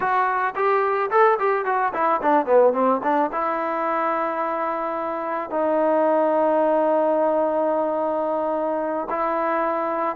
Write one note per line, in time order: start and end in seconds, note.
0.00 0.54 F#4
0.55 1.10 G4
1.11 1.38 A4
1.39 1.65 G4
1.65 1.92 F#4
1.93 2.20 E4
2.21 2.45 D4
2.45 2.73 B3
2.73 3.01 C4
3.03 3.31 D4
3.32 5.50 E4
5.50 9.08 D#4
9.10 10.16 E4